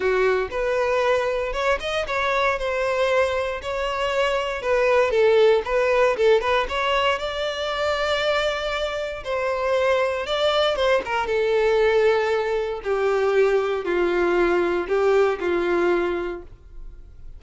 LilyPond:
\new Staff \with { instrumentName = "violin" } { \time 4/4 \tempo 4 = 117 fis'4 b'2 cis''8 dis''8 | cis''4 c''2 cis''4~ | cis''4 b'4 a'4 b'4 | a'8 b'8 cis''4 d''2~ |
d''2 c''2 | d''4 c''8 ais'8 a'2~ | a'4 g'2 f'4~ | f'4 g'4 f'2 | }